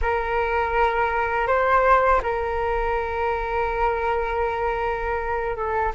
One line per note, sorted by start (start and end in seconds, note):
0.01 1.47 A#4
1.47 2.21 C5
2.22 5.56 A#4
5.56 5.93 A4